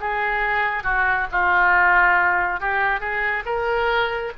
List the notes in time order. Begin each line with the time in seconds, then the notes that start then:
0.00 G#4
0.83 F#4
1.31 F4
2.60 G4
3.00 G#4
3.45 A#4